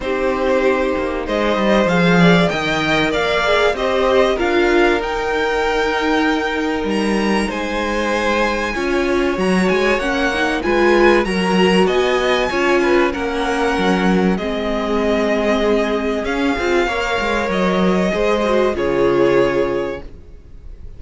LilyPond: <<
  \new Staff \with { instrumentName = "violin" } { \time 4/4 \tempo 4 = 96 c''2 dis''4 f''4 | g''4 f''4 dis''4 f''4 | g''2. ais''4 | gis''2. ais''8 gis''8 |
fis''4 gis''4 ais''4 gis''4~ | gis''4 fis''2 dis''4~ | dis''2 f''2 | dis''2 cis''2 | }
  \new Staff \with { instrumentName = "violin" } { \time 4/4 g'2 c''4. d''8 | dis''4 d''4 c''4 ais'4~ | ais'1 | c''2 cis''2~ |
cis''4 b'4 ais'4 dis''4 | cis''8 b'8 ais'2 gis'4~ | gis'2. cis''4~ | cis''4 c''4 gis'2 | }
  \new Staff \with { instrumentName = "viola" } { \time 4/4 dis'2. gis'4 | ais'4. gis'8 g'4 f'4 | dis'1~ | dis'2 f'4 fis'4 |
cis'8 dis'8 f'4 fis'2 | f'4 cis'2 c'4~ | c'2 cis'8 f'8 ais'4~ | ais'4 gis'8 fis'8 f'2 | }
  \new Staff \with { instrumentName = "cello" } { \time 4/4 c'4. ais8 gis8 g8 f4 | dis4 ais4 c'4 d'4 | dis'2. g4 | gis2 cis'4 fis8 gis8 |
ais4 gis4 fis4 b4 | cis'4 ais4 fis4 gis4~ | gis2 cis'8 c'8 ais8 gis8 | fis4 gis4 cis2 | }
>>